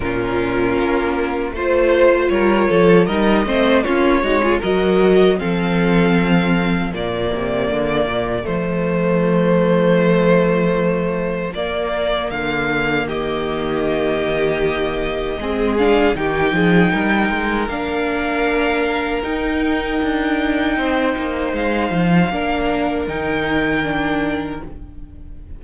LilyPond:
<<
  \new Staff \with { instrumentName = "violin" } { \time 4/4 \tempo 4 = 78 ais'2 c''4 cis''4 | dis''4 cis''4 dis''4 f''4~ | f''4 d''2 c''4~ | c''2. d''4 |
f''4 dis''2.~ | dis''8 f''8 g''2 f''4~ | f''4 g''2. | f''2 g''2 | }
  \new Staff \with { instrumentName = "violin" } { \time 4/4 f'2 c''4 ais'8 a'8 | ais'8 c''8 f'8 fis'16 gis'16 ais'4 a'4~ | a'4 f'2.~ | f'1~ |
f'4 g'2. | gis'4 g'8 gis'8 ais'2~ | ais'2. c''4~ | c''4 ais'2. | }
  \new Staff \with { instrumentName = "viola" } { \time 4/4 cis'2 f'2 | dis'8 c'8 cis'8 dis'16 f'16 fis'4 c'4~ | c'4 ais2 a4~ | a2. ais4~ |
ais1 | c'8 d'8 dis'2 d'4~ | d'4 dis'2.~ | dis'4 d'4 dis'4 d'4 | }
  \new Staff \with { instrumentName = "cello" } { \time 4/4 ais,4 ais4 a4 g8 f8 | g8 a8 ais8 gis8 fis4 f4~ | f4 ais,8 c8 d8 ais,8 f4~ | f2. ais4 |
d4 dis2. | gis4 dis8 f8 g8 gis8 ais4~ | ais4 dis'4 d'4 c'8 ais8 | gis8 f8 ais4 dis2 | }
>>